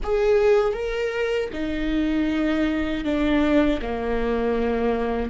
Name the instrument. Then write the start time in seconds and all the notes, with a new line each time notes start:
viola
0.03 G#4
0.73 A#4
1.53 D#4
3.04 D4
3.81 A#3